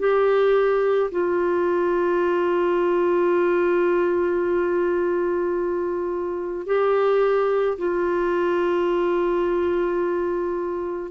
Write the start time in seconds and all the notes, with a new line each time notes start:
0.00 G4
1.12 F4
6.67 G4
7.78 F4